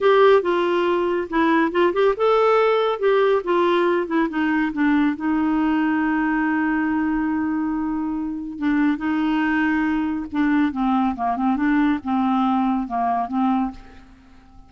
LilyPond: \new Staff \with { instrumentName = "clarinet" } { \time 4/4 \tempo 4 = 140 g'4 f'2 e'4 | f'8 g'8 a'2 g'4 | f'4. e'8 dis'4 d'4 | dis'1~ |
dis'1 | d'4 dis'2. | d'4 c'4 ais8 c'8 d'4 | c'2 ais4 c'4 | }